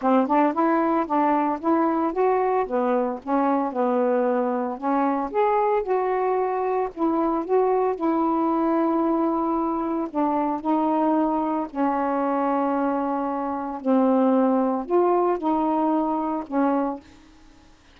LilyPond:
\new Staff \with { instrumentName = "saxophone" } { \time 4/4 \tempo 4 = 113 c'8 d'8 e'4 d'4 e'4 | fis'4 b4 cis'4 b4~ | b4 cis'4 gis'4 fis'4~ | fis'4 e'4 fis'4 e'4~ |
e'2. d'4 | dis'2 cis'2~ | cis'2 c'2 | f'4 dis'2 cis'4 | }